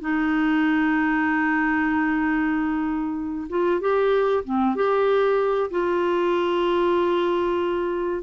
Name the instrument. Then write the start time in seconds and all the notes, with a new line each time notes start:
clarinet
0.00 D#4
3.49 F4
3.80 G4
4.44 C4
4.75 G4
5.70 F4